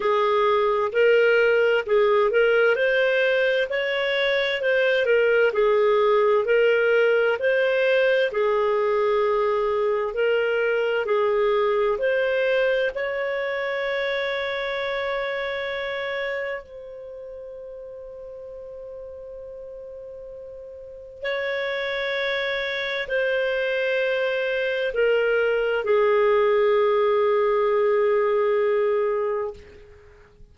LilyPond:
\new Staff \with { instrumentName = "clarinet" } { \time 4/4 \tempo 4 = 65 gis'4 ais'4 gis'8 ais'8 c''4 | cis''4 c''8 ais'8 gis'4 ais'4 | c''4 gis'2 ais'4 | gis'4 c''4 cis''2~ |
cis''2 c''2~ | c''2. cis''4~ | cis''4 c''2 ais'4 | gis'1 | }